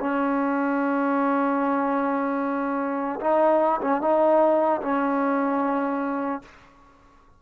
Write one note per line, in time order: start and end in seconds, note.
0.00 3.20 C#4
3.20 3.80 D#4
3.81 4.01 C#4
4.01 4.81 D#4
4.82 6.42 C#4